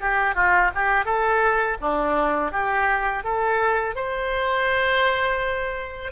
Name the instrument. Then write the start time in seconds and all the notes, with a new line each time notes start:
oboe
0.00 G4
0.35 F4
0.75 G4
1.05 A4
1.81 D4
2.52 G4
3.23 A4
3.95 C5